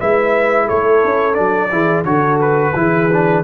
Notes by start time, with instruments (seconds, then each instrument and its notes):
0.00 tuba G#3, trombone E4, horn B4, trumpet E5
0.65 tuba A3, horn A4, trumpet C#5
1.04 tuba C#4
1.34 tuba F#3, trombone D4, trumpet D5
1.72 tuba E3, trombone E4, horn G#4
2.04 tuba D3, trombone F#4, horn A4, trumpet C#5
2.41 trumpet B4
2.75 tuba E3, trombone E4, horn G#4
3.12 trombone D4